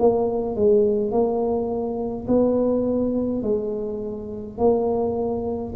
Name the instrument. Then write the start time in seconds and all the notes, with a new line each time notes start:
tuba
0.00 A#3
0.56 G#3
1.12 A#3
2.28 B3
3.43 G#3
4.59 A#3